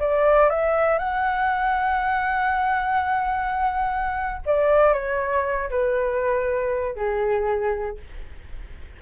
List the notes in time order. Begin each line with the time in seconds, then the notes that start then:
0.00 D5
0.50 E5
0.99 F#5
4.46 D5
4.94 C#5
5.70 B4
6.96 G#4